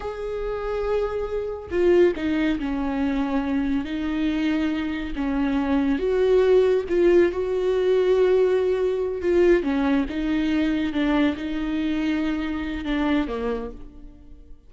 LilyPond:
\new Staff \with { instrumentName = "viola" } { \time 4/4 \tempo 4 = 140 gis'1 | f'4 dis'4 cis'2~ | cis'4 dis'2. | cis'2 fis'2 |
f'4 fis'2.~ | fis'4. f'4 cis'4 dis'8~ | dis'4. d'4 dis'4.~ | dis'2 d'4 ais4 | }